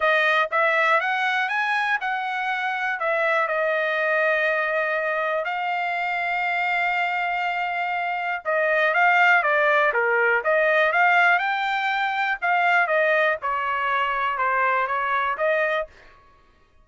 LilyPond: \new Staff \with { instrumentName = "trumpet" } { \time 4/4 \tempo 4 = 121 dis''4 e''4 fis''4 gis''4 | fis''2 e''4 dis''4~ | dis''2. f''4~ | f''1~ |
f''4 dis''4 f''4 d''4 | ais'4 dis''4 f''4 g''4~ | g''4 f''4 dis''4 cis''4~ | cis''4 c''4 cis''4 dis''4 | }